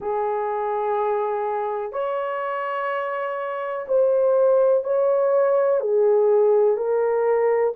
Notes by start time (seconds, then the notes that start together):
0.00 G#4
1.92 C#5
3.88 C5
4.83 C#5
5.80 G#4
6.77 A#4